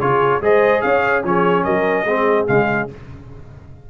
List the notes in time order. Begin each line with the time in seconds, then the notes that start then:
0.00 C#3 F4 G#4 C#5
0.41 G#3 G#4 C5 D#5
0.82 C#4 C#5 F5
1.24 F3 C#4 G#4 C#5
1.64 F#3 A#4 D#5
2.04 G#3 C4 G#4
2.47 C#3 G#3 F5